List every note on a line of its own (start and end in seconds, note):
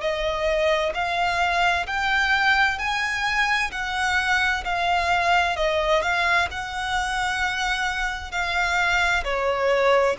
0.00 0.92 D#5
0.94 1.86 F5
1.86 2.78 G5
2.78 3.70 G#5
3.71 4.63 F#5
4.64 5.56 F5
5.56 6.02 D#5
6.02 6.48 F5
6.51 8.31 F#5
8.31 9.23 F5
9.23 10.16 C#5